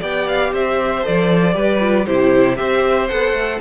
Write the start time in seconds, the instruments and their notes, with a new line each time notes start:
0.00 cello B3, viola G4, violin D5 G5
0.28 violin F5
0.52 cello C4, violin C5 E5
1.03 cello F3, viola A4, violin D5
1.53 cello G3, viola G4, violin B4
1.80 viola F4
2.07 cello C3, viola E4, violin G4 C5
2.57 cello C4, viola G4, violin C5 E5
3.09 cello B3, viola A4, violin F#5
3.33 cello A3